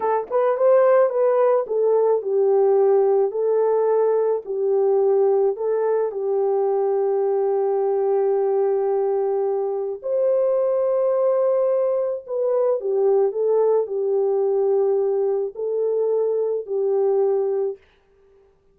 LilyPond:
\new Staff \with { instrumentName = "horn" } { \time 4/4 \tempo 4 = 108 a'8 b'8 c''4 b'4 a'4 | g'2 a'2 | g'2 a'4 g'4~ | g'1~ |
g'2 c''2~ | c''2 b'4 g'4 | a'4 g'2. | a'2 g'2 | }